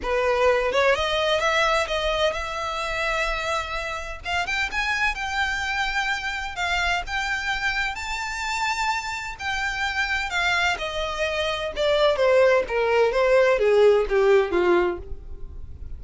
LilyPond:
\new Staff \with { instrumentName = "violin" } { \time 4/4 \tempo 4 = 128 b'4. cis''8 dis''4 e''4 | dis''4 e''2.~ | e''4 f''8 g''8 gis''4 g''4~ | g''2 f''4 g''4~ |
g''4 a''2. | g''2 f''4 dis''4~ | dis''4 d''4 c''4 ais'4 | c''4 gis'4 g'4 f'4 | }